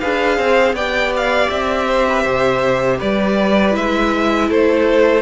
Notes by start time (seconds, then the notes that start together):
0.00 D4 G#4 B4 F5
0.37 C4 C5
0.73 B3 G4 D5 G5
1.16 F5
1.50 C4 E5
1.87 C5
2.09 B4
2.22 C3 C5
2.99 G3 B4 D5
3.71 G#3 E4 E5
4.49 A3 A4 C5